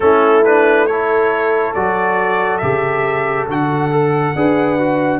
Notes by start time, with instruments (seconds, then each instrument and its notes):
0.00 tuba A3, trombone C#4, horn E4, trumpet A4
0.44 trombone D4, trumpet B4
0.86 trombone E4, horn A4, trumpet C#5
1.74 tuba F#3, trombone F#4, trumpet D5
2.57 tuba C#3, trombone G4, trumpet E5
3.47 tuba D3, trombone F#4, trumpet F#5
3.91 trombone A4
4.35 tuba D4, trombone G#4, horn B4
4.79 trombone F#4